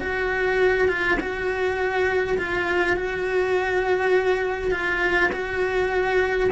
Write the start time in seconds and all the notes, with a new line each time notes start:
0.00 F#4
0.88 F4
1.20 F#4
2.38 F4
2.96 F#4
4.71 F4
5.32 F#4